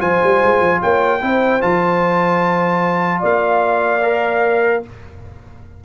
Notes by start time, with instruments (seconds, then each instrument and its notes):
0.00 tuba F3, trombone F4, horn C5, trumpet G#5
0.23 tuba G3
0.43 tuba G#3
0.60 tuba F3
0.82 tuba A#3, horn C#5, trumpet G5
1.21 tuba C4, trombone E4, horn C5
1.60 tuba F3, trombone F4, trumpet A5
3.19 tuba A#3, horn D5, trumpet F5
4.02 trombone A#4